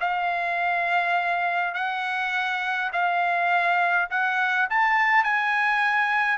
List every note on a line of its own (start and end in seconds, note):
0.00 1.74 F5
1.74 2.91 F#5
2.92 4.09 F5
4.10 4.68 F#5
4.69 5.23 A5
5.23 6.38 G#5